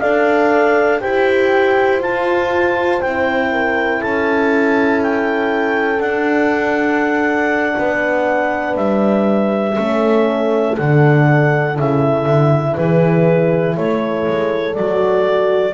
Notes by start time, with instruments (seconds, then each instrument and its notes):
0.00 double bass D4, horn A4 D5, clarinet F5
1.01 double bass E4, horn G4 C5, clarinet G5
2.00 horn F4, double bass F4, clarinet A5
3.01 double bass C4, horn E4, clarinet G5
3.51 horn A#4
4.00 double bass C#4, horn A4, clarinet A5
5.03 clarinet G5
6.00 double bass D4, horn D4, clarinet F#5
7.77 double bass B3, horn B4
8.76 double bass G3, clarinet E5
9.77 double bass A3, horn C#4 A4
10.77 double bass D3, horn D4, clarinet F#5
11.75 double bass C#3, horn E4, clarinet E5
12.26 double bass D3
12.76 double bass E3, horn G#4, clarinet B4
13.77 double bass A3, horn A4, clarinet C#5
14.28 double bass G#3
14.75 double bass F#3, horn F#4, clarinet D5